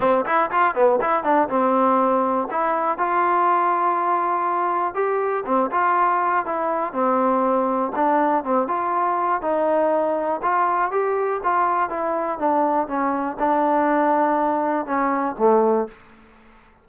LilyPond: \new Staff \with { instrumentName = "trombone" } { \time 4/4 \tempo 4 = 121 c'8 e'8 f'8 b8 e'8 d'8 c'4~ | c'4 e'4 f'2~ | f'2 g'4 c'8 f'8~ | f'4 e'4 c'2 |
d'4 c'8 f'4. dis'4~ | dis'4 f'4 g'4 f'4 | e'4 d'4 cis'4 d'4~ | d'2 cis'4 a4 | }